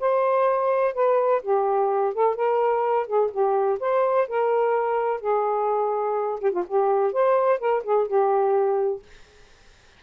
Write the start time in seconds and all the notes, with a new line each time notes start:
0.00 C5
0.94 B4
1.42 G4
2.14 A4
2.35 A#4
3.07 G#4
3.31 G4
3.80 C5
4.28 A#4
5.21 G#4
6.40 G4
6.52 F4
6.68 G4
7.13 C5
7.59 A#4
7.84 G#4
8.08 G4